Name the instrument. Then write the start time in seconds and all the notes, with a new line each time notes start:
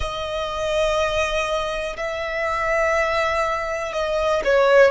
violin
0.00 D#5
1.97 E5
3.93 D#5
4.44 C#5